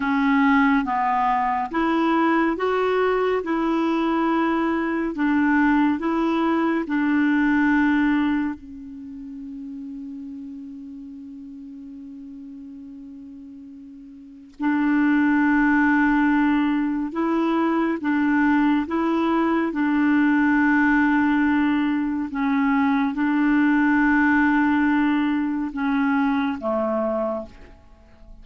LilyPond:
\new Staff \with { instrumentName = "clarinet" } { \time 4/4 \tempo 4 = 70 cis'4 b4 e'4 fis'4 | e'2 d'4 e'4 | d'2 cis'2~ | cis'1~ |
cis'4 d'2. | e'4 d'4 e'4 d'4~ | d'2 cis'4 d'4~ | d'2 cis'4 a4 | }